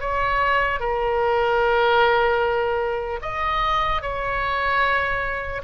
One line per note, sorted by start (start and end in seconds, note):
0.00 0.80 C#5
0.80 3.20 A#4
3.21 4.01 D#5
4.01 5.61 C#5